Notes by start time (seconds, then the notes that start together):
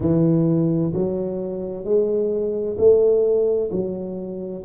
0.00 E3
0.93 F#3
1.84 G#3
2.78 A3
3.71 F#3